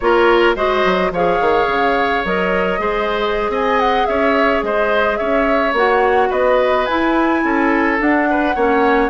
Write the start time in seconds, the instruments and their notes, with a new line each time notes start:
0.00 bassoon A#3, clarinet F4, oboe A#4, flute C#5
0.55 bassoon G#3, clarinet F#4, oboe C5, flute D#5
0.84 bassoon F#3
1.11 bassoon F3, clarinet G#4, oboe C#5, flute F5
1.40 bassoon D#3
1.66 bassoon C#3
2.24 bassoon F#3, clarinet A#4, flute D#5
2.78 bassoon G#3, clarinet G#4, oboe C5
3.48 bassoon C4, oboe D#5, flute G#5
3.80 flute F#5
4.06 bassoon C#4, oboe C#5, flute E5
4.62 bassoon G#3, oboe C5, flute D#5
5.16 bassoon C#4, oboe C#5, flute E5
5.73 bassoon A#3, clarinet F#4, flute F#5
6.29 bassoon B3, oboe B4, flute D#5
6.85 clarinet E4, bassoon E4, flute G#5
7.43 bassoon C#4, oboe A4
7.98 clarinet D4, bassoon D4, flute F#5
8.30 oboe B4
8.55 bassoon A#3, clarinet C#4, oboe C#5